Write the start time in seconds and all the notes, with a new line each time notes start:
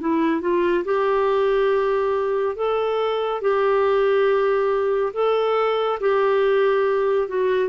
0.00 E4
0.41 F4
0.85 G4
2.56 A4
3.41 G4
5.13 A4
6.00 G4
7.28 F#4